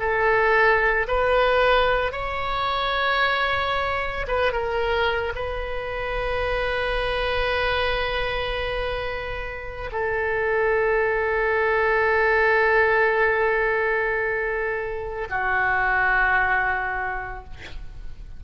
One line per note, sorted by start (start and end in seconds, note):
0.00 1.07 A4
1.08 2.12 B4
2.12 4.26 C#5
4.28 4.52 B4
4.52 5.33 A#4
5.35 9.91 B4
9.92 15.28 A4
15.30 17.44 F#4